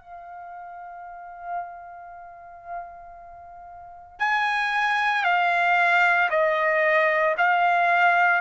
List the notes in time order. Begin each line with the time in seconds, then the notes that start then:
0.00 F5
4.20 G#5
5.24 F5
6.31 D#5
7.38 F5